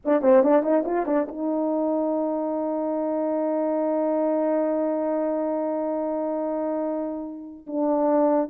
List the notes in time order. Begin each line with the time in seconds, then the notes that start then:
0.05 D4
0.21 C4
0.43 D4
0.62 D#4
0.85 F4
1.06 D4
1.28 D#4
7.67 D4